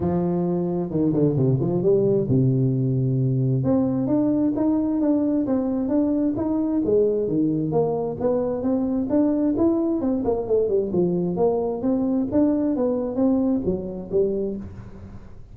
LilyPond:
\new Staff \with { instrumentName = "tuba" } { \time 4/4 \tempo 4 = 132 f2 dis8 d8 c8 f8 | g4 c2. | c'4 d'4 dis'4 d'4 | c'4 d'4 dis'4 gis4 |
dis4 ais4 b4 c'4 | d'4 e'4 c'8 ais8 a8 g8 | f4 ais4 c'4 d'4 | b4 c'4 fis4 g4 | }